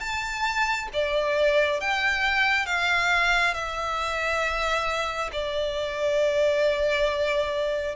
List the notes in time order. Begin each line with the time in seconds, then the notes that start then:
0.00 A5
0.93 D5
1.80 G5
2.66 F5
3.54 E5
5.32 D5